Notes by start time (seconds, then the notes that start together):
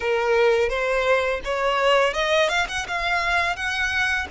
0.00 A#4
0.69 C5
1.44 C#5
2.13 D#5
2.48 F5
2.68 F#5
2.87 F5
3.56 F#5